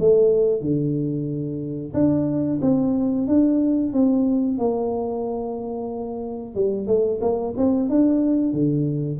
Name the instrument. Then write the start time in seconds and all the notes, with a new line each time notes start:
tuba
0.00 A3
0.61 D3
1.94 D4
2.61 C4
3.28 D4
3.93 C4
4.58 A#3
6.55 G3
6.87 A3
7.21 A#3
7.57 C4
7.89 D4
8.53 D3